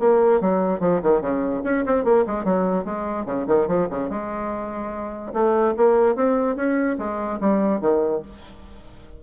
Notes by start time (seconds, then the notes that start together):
0.00 A#3
0.41 F#3
0.81 F3
1.03 D#3
1.22 C#3
1.65 C#4
1.86 C4
2.05 A#3
2.27 G#3
2.45 F#3
2.85 G#3
3.26 C#3
3.48 D#3
3.68 F3
3.90 C#3
4.10 G#3
5.33 A3
5.77 A#3
6.16 C4
6.56 C#4
6.99 G#3
7.41 G3
7.81 D#3